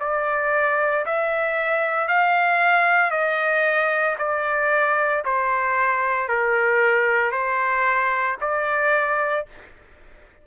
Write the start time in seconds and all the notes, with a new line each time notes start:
0.00 D5
1.05 E5
2.08 F5
3.11 D#5
4.18 D5
5.24 C5
6.28 A#4
7.31 C5
8.40 D5